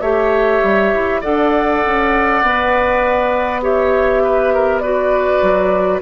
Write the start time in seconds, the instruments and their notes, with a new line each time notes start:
0.00 bassoon A3, clarinet G4, oboe C#5, flute E5
0.62 bassoon G3
0.94 bassoon E4
1.20 bassoon D4, clarinet A4, oboe D5, flute F#5
1.85 bassoon C#4
2.42 bassoon B3, clarinet B4
3.62 clarinet G4, oboe C#5, flute E5
4.23 oboe B4
4.53 oboe A#4
4.79 clarinet F#4, oboe B4, flute D5
5.42 bassoon F#3